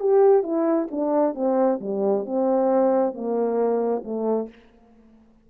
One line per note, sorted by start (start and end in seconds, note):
0.00 0.43 G4
0.43 0.88 E4
0.91 1.35 D4
1.35 1.79 C4
1.81 2.26 G3
2.26 3.14 C4
3.14 4.03 A#3
4.04 4.49 A3